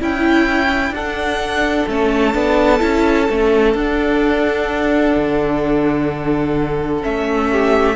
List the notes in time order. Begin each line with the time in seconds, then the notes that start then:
0.00 C#4 E4 G5
0.90 D4 A4 F#5
1.88 A3 C#4 A5
2.34 B3 D4
2.79 C#4 E4
3.29 A3 C#4
3.75 D4 F#5
5.16 D3
7.02 A3 C#4 E5
7.52 G4